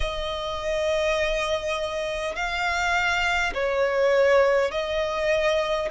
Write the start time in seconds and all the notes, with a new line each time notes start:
0.00 D#5
2.35 F5
3.53 C#5
4.71 D#5